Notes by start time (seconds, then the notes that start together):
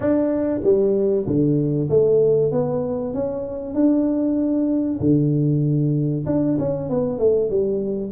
0.00 D4
0.63 G3
1.26 D3
1.89 A3
2.51 B3
3.13 C#4
3.74 D4
5.00 D3
6.26 D4
6.59 C#4
6.89 B3
7.18 A3
7.50 G3